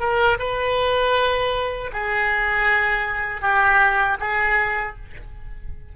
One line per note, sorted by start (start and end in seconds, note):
0.00 0.38 A#4
0.39 1.91 B4
1.92 3.41 G#4
3.41 4.17 G4
4.20 4.96 G#4